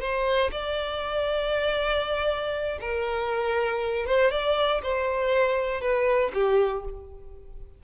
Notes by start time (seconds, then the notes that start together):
0.00 C5
0.51 D5
2.80 A#4
4.06 C5
4.30 D5
4.82 C5
5.81 B4
6.33 G4